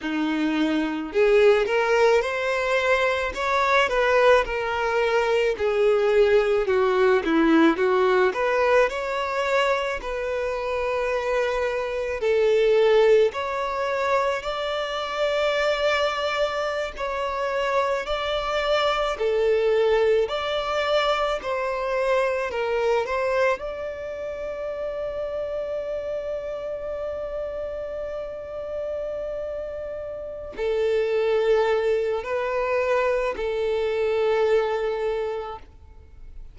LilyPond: \new Staff \with { instrumentName = "violin" } { \time 4/4 \tempo 4 = 54 dis'4 gis'8 ais'8 c''4 cis''8 b'8 | ais'4 gis'4 fis'8 e'8 fis'8 b'8 | cis''4 b'2 a'4 | cis''4 d''2~ d''16 cis''8.~ |
cis''16 d''4 a'4 d''4 c''8.~ | c''16 ais'8 c''8 d''2~ d''8.~ | d''2.~ d''8 a'8~ | a'4 b'4 a'2 | }